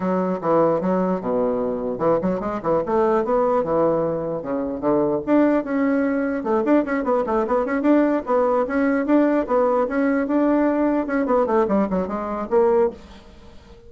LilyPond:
\new Staff \with { instrumentName = "bassoon" } { \time 4/4 \tempo 4 = 149 fis4 e4 fis4 b,4~ | b,4 e8 fis8 gis8 e8 a4 | b4 e2 cis4 | d4 d'4 cis'2 |
a8 d'8 cis'8 b8 a8 b8 cis'8 d'8~ | d'8 b4 cis'4 d'4 b8~ | b8 cis'4 d'2 cis'8 | b8 a8 g8 fis8 gis4 ais4 | }